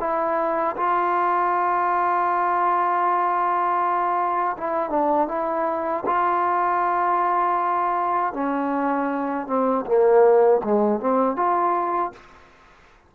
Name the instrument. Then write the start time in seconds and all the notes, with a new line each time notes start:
trombone
0.00 E4
0.77 F4
4.57 E4
4.90 D4
5.28 E4
6.06 F4
8.34 C#4
9.47 C4
9.86 A#3
10.64 G#3
11.00 C4
11.36 F4